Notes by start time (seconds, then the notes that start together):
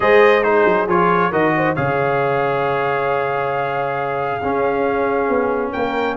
0.00 G#3 G#4 C5 D#5
0.43 D#4 G#4 C5
0.65 F#3
0.87 F3 F4 C#5
1.31 D#3 F#4 A#4 D#5
1.56 C5
1.75 C#3 G#4 C#5 F5
4.39 C#4 G#4
5.28 B3
5.72 A#3 A#4 G5